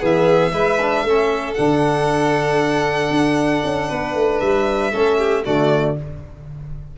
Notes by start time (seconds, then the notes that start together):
0.00 E3 B3 G#4 E5
0.52 G#3 E4 B4
0.81 D4
1.03 A3 C#4 A4
1.54 D3 D4 F#5
3.10 D4
3.64 C#4
3.89 B3 B4
4.15 A3
4.40 G3 E5
4.91 A3 C#4 A4
5.17 G4
5.45 D3 A3 F#4 D5